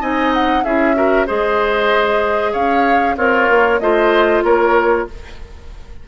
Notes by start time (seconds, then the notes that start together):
0.00 C4 D#4 D#5 G#5
0.33 F#5
0.64 C#4 E4 G#4 E5
0.94 F#4 A#4
1.26 G#3 G#4 C5 D#5
2.52 C#4 C#5 F5
3.16 C4 F4 A#4 C#5
3.49 A#3
3.80 A3 F4 C5 D#5
4.43 A#3 A#4 C#5